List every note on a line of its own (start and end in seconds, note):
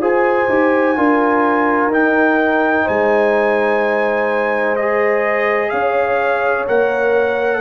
0.00 0.48 F4
0.00 0.49 G#4
0.00 0.97 C5
0.00 1.93 G#5
0.49 0.97 D#4
0.49 0.96 G4
0.96 1.87 D4
0.96 1.91 F4
0.96 2.85 A#4
1.87 2.82 D#4
1.87 4.78 D#4
1.93 2.88 G5
2.85 5.73 G#3
2.85 5.70 C5
2.85 4.76 G#5
4.76 6.67 G#4
4.76 5.70 D#5
5.70 6.68 C#4
5.70 7.61 C#5
5.70 6.65 F5
6.67 7.61 A#3
6.67 7.61 A#4
6.67 7.61 F#5